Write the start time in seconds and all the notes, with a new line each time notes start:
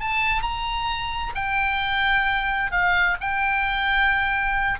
0.00 A5
0.42 A#5
1.35 G5
2.71 F5
3.20 G5